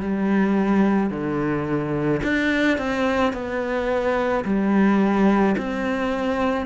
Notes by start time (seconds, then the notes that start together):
0.00 G3
1.10 D3
2.23 D4
2.78 C4
3.33 B3
4.44 G3
5.57 C4